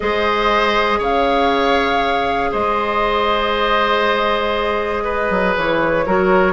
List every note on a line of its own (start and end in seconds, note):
0.00 0.99 G#3
0.00 6.04 G#4
0.00 0.98 C5
0.00 1.01 D#5
0.98 2.50 C#3
0.98 2.50 C#5
0.98 2.52 F5
2.51 5.29 G#3
2.51 5.03 C5
2.51 5.55 D#5
5.04 6.05 B4
5.29 5.55 F#3
5.56 6.06 E3
5.56 6.52 C#5
6.06 6.52 F#3
6.06 6.52 F#4
6.06 6.52 A#4